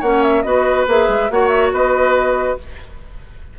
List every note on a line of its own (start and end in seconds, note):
0.00 0.44 A#3
0.00 0.45 C#4
0.00 0.43 C#5
0.00 0.23 F#5
0.23 0.43 E5
0.43 0.86 B3
0.43 0.87 F#4
0.43 1.31 B4
0.43 0.85 D#5
0.88 1.08 A#3
0.88 1.31 G#4
0.88 1.31 E5
1.08 1.30 G#3
1.30 1.73 A#3
1.30 2.58 F#4
1.30 1.73 C#5
1.30 1.48 F#5
1.48 1.70 E5
1.73 2.58 B3
1.73 2.58 B4
1.73 2.59 D#5